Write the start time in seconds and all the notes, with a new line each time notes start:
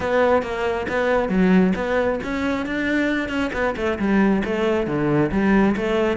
0.00 B3
0.42 A#3
0.88 B3
1.29 F#3
1.75 B3
2.23 C#4
2.66 D4
3.28 C#4
3.53 B3
3.76 A3
3.98 G3
4.44 A3
4.86 D3
5.31 G3
5.76 A3